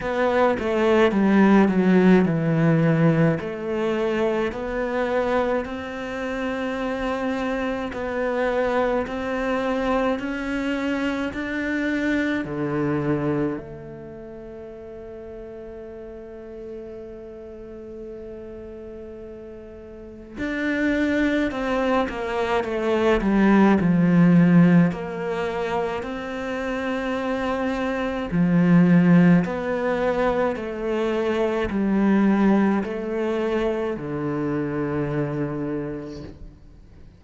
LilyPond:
\new Staff \with { instrumentName = "cello" } { \time 4/4 \tempo 4 = 53 b8 a8 g8 fis8 e4 a4 | b4 c'2 b4 | c'4 cis'4 d'4 d4 | a1~ |
a2 d'4 c'8 ais8 | a8 g8 f4 ais4 c'4~ | c'4 f4 b4 a4 | g4 a4 d2 | }